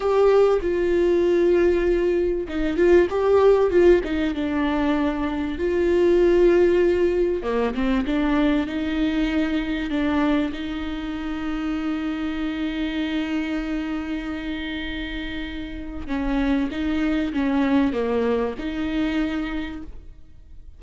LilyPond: \new Staff \with { instrumentName = "viola" } { \time 4/4 \tempo 4 = 97 g'4 f'2. | dis'8 f'8 g'4 f'8 dis'8 d'4~ | d'4 f'2. | ais8 c'8 d'4 dis'2 |
d'4 dis'2.~ | dis'1~ | dis'2 cis'4 dis'4 | cis'4 ais4 dis'2 | }